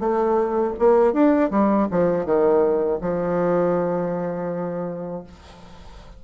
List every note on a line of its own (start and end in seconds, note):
0.00 0.74 A3
0.80 1.13 A#3
1.13 1.51 D4
1.51 1.88 G3
1.91 2.26 F3
2.26 3.00 D#3
3.02 5.24 F3